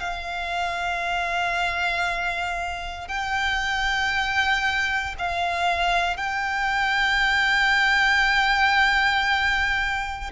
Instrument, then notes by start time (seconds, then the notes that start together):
violin
0.00 F5
3.08 G5
5.19 F5
6.17 G5